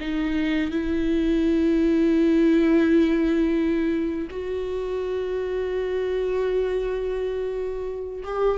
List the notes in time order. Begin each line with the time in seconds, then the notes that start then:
0.00 D#4
0.71 E4
4.31 F#4
8.24 G4